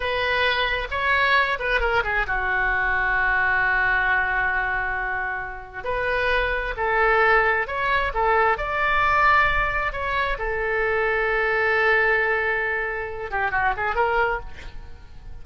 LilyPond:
\new Staff \with { instrumentName = "oboe" } { \time 4/4 \tempo 4 = 133 b'2 cis''4. b'8 | ais'8 gis'8 fis'2.~ | fis'1~ | fis'4 b'2 a'4~ |
a'4 cis''4 a'4 d''4~ | d''2 cis''4 a'4~ | a'1~ | a'4. g'8 fis'8 gis'8 ais'4 | }